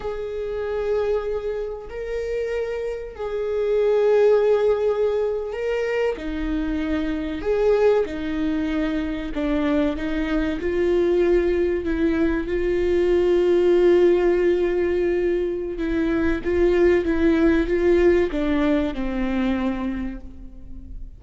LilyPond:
\new Staff \with { instrumentName = "viola" } { \time 4/4 \tempo 4 = 95 gis'2. ais'4~ | ais'4 gis'2.~ | gis'8. ais'4 dis'2 gis'16~ | gis'8. dis'2 d'4 dis'16~ |
dis'8. f'2 e'4 f'16~ | f'1~ | f'4 e'4 f'4 e'4 | f'4 d'4 c'2 | }